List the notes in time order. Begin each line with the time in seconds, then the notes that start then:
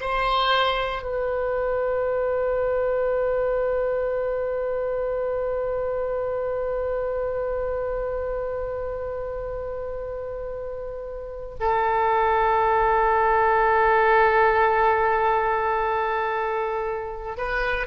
0.00 C5
1.02 B4
11.60 A4
17.37 B4